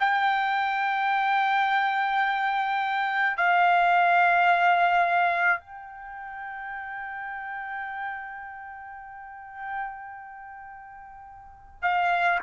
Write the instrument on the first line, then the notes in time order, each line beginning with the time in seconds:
trumpet
0.00 G5
3.37 F5
5.60 G5
11.83 F5